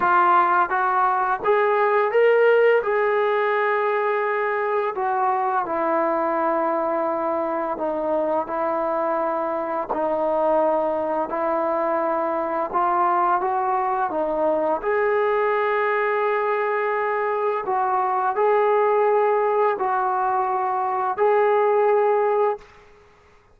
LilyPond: \new Staff \with { instrumentName = "trombone" } { \time 4/4 \tempo 4 = 85 f'4 fis'4 gis'4 ais'4 | gis'2. fis'4 | e'2. dis'4 | e'2 dis'2 |
e'2 f'4 fis'4 | dis'4 gis'2.~ | gis'4 fis'4 gis'2 | fis'2 gis'2 | }